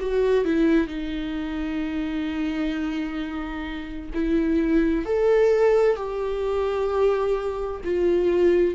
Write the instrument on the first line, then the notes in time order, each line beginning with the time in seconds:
viola
0.00 F#4
0.45 E4
0.88 D#4
4.14 E4
5.06 A4
5.97 G4
7.85 F4